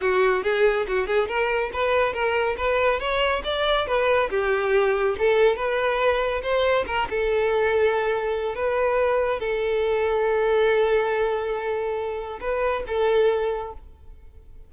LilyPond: \new Staff \with { instrumentName = "violin" } { \time 4/4 \tempo 4 = 140 fis'4 gis'4 fis'8 gis'8 ais'4 | b'4 ais'4 b'4 cis''4 | d''4 b'4 g'2 | a'4 b'2 c''4 |
ais'8 a'2.~ a'8 | b'2 a'2~ | a'1~ | a'4 b'4 a'2 | }